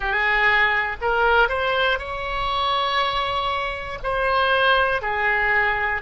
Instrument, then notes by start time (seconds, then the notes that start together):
oboe
0.00 G#4
1.00 A#4
1.49 C5
1.99 C#5
4.03 C5
5.01 G#4